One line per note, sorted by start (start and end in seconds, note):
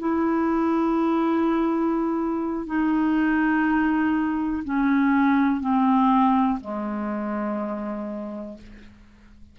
0.00 2.67 E4
2.67 4.64 D#4
4.65 5.61 C#4
5.61 6.59 C4
6.61 8.58 G#3